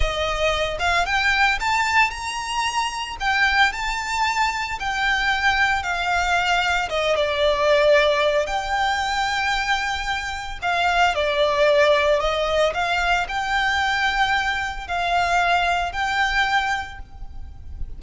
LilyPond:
\new Staff \with { instrumentName = "violin" } { \time 4/4 \tempo 4 = 113 dis''4. f''8 g''4 a''4 | ais''2 g''4 a''4~ | a''4 g''2 f''4~ | f''4 dis''8 d''2~ d''8 |
g''1 | f''4 d''2 dis''4 | f''4 g''2. | f''2 g''2 | }